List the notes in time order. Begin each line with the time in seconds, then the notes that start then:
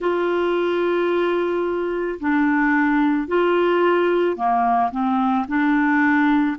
0.00 F4
2.20 D4
3.27 F4
4.36 A#3
4.91 C4
5.47 D4